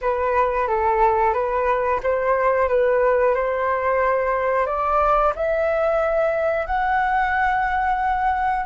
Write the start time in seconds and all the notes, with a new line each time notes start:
0.01 B4
0.67 A4
1.33 B4
2.03 C5
2.68 B4
3.35 C5
4.66 D5
5.35 E5
6.66 F#5